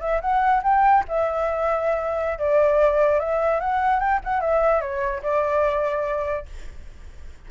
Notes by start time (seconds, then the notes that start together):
0.00 E5
0.21 F#5
0.63 G5
1.08 E5
2.38 D5
3.19 E5
3.60 F#5
4.00 G5
4.24 F#5
4.40 E5
4.81 C#5
5.23 D5